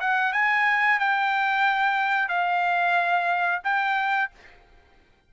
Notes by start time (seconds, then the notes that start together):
0.00 F#5
0.32 G#5
0.99 G5
2.28 F5
3.64 G5